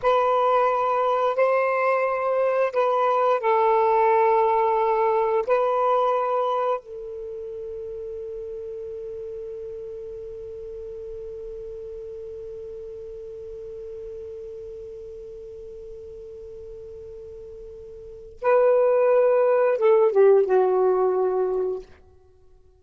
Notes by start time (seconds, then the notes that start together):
0.02 B4
1.36 C5
2.72 B4
3.40 A4
5.46 B4
6.79 A4
18.41 B4
19.78 A4
20.11 G4
20.45 F#4